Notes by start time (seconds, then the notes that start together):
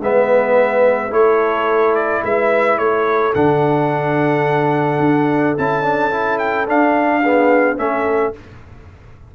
0.00 G#3 B3 B4 E5
1.11 A3 E4 A4 C#5
1.95 D5
2.24 G#3 B4 E5
2.78 A3 A4 C#5
3.35 D3 D4 F#5
5.00 D4
5.58 C#4 E4 A5
5.83 D4
6.11 E4
6.39 G5
6.67 D4 F5
7.22 B3 G#4
7.77 A3 C#4 A4 E5